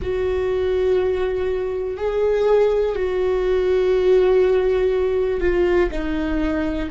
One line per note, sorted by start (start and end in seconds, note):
0.01 1.97 F#4
1.97 2.95 G#4
2.95 5.40 F#4
5.40 5.89 F4
5.91 6.89 D#4